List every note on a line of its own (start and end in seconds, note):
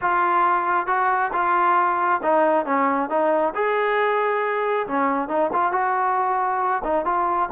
0.01 0.86 F4
0.86 1.31 F#4
1.33 2.21 F4
2.22 2.65 D#4
2.65 3.09 C#4
3.09 3.53 D#4
3.54 4.86 G#4
4.87 5.28 C#4
5.28 5.50 D#4
5.52 5.72 F4
5.72 6.82 F#4
6.83 7.05 D#4
7.05 7.49 F4